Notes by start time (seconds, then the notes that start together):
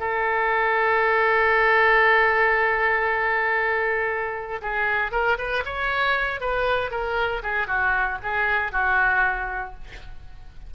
0.00 A4
4.62 G#4
5.12 A#4
5.38 B4
5.65 C#5
6.41 B4
6.91 A#4
7.43 G#4
7.67 F#4
8.23 G#4
8.72 F#4